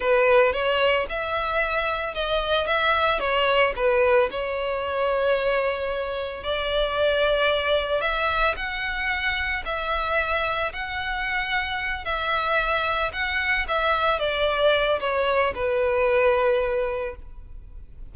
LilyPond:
\new Staff \with { instrumentName = "violin" } { \time 4/4 \tempo 4 = 112 b'4 cis''4 e''2 | dis''4 e''4 cis''4 b'4 | cis''1 | d''2. e''4 |
fis''2 e''2 | fis''2~ fis''8 e''4.~ | e''8 fis''4 e''4 d''4. | cis''4 b'2. | }